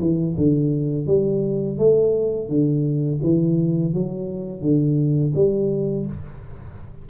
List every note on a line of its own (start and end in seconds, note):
0.00 0.36 E3
0.37 1.07 D3
1.07 1.78 G3
1.78 2.49 A3
2.49 3.20 D3
3.23 3.94 E3
3.94 4.62 F#3
4.62 5.33 D3
5.35 6.06 G3